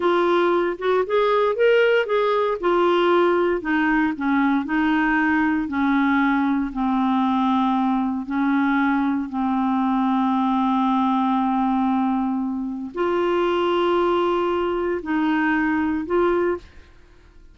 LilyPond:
\new Staff \with { instrumentName = "clarinet" } { \time 4/4 \tempo 4 = 116 f'4. fis'8 gis'4 ais'4 | gis'4 f'2 dis'4 | cis'4 dis'2 cis'4~ | cis'4 c'2. |
cis'2 c'2~ | c'1~ | c'4 f'2.~ | f'4 dis'2 f'4 | }